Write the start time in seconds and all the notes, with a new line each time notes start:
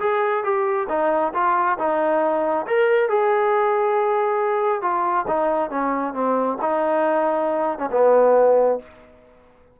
0.00 G#4
0.44 G4
0.89 D#4
1.34 F4
1.79 D#4
2.67 A#4
3.09 G#4
4.82 F4
5.27 D#4
5.70 C#4
6.14 C4
6.61 D#4
7.79 C#4
7.92 B3